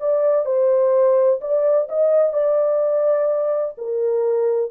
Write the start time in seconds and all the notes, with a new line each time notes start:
0.00 D5
0.45 C5
1.41 D5
1.89 D#5
2.33 D5
3.78 A#4